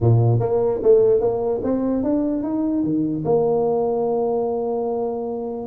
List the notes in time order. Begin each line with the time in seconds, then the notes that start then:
0.00 A#2
0.39 A#3
0.82 A3
1.20 A#3
1.63 C4
2.03 D4
2.43 D#4
2.83 D#3
3.24 A#3